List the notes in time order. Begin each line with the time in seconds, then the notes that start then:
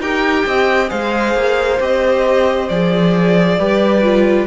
0.00 D#4 G4 A#4 G5
0.47 C4 D#5
0.89 G#3 G#4 C5 F5
1.35 A#3
1.80 C4 G4 D#5
2.69 F3 G#4 D5
3.59 G3 G4 B4
4.03 F4